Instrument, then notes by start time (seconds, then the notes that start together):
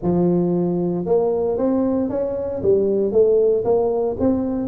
tuba
0.02 F3
1.05 A#3
1.57 C4
2.09 C#4
2.62 G3
3.12 A3
3.64 A#3
4.19 C4